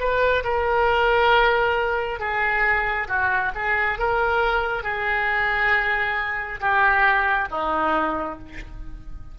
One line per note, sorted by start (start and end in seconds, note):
0.00 0.44 B4
0.44 2.20 A#4
2.20 3.08 G#4
3.08 3.53 F#4
3.55 3.99 G#4
3.99 4.84 A#4
4.84 6.60 G#4
6.61 7.49 G4
7.51 8.39 D#4